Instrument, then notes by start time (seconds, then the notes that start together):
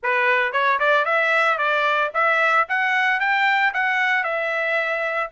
trumpet
0.02 B4
0.52 C#5
0.79 D5
1.05 E5
1.58 D5
2.14 E5
2.69 F#5
3.20 G5
3.73 F#5
4.23 E5